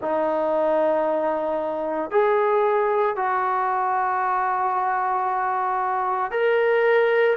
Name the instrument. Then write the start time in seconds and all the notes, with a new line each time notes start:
trombone
0.01 D#4
2.11 G#4
3.16 F#4
6.31 A#4